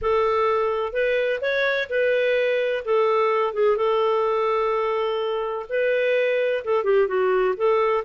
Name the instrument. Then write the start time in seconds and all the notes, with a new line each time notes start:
clarinet
0.01 A4
0.92 B4
1.41 C#5
1.89 B4
2.84 A4
3.53 G#4
3.76 A4
5.69 B4
6.64 A4
6.84 G4
7.07 F#4
7.56 A4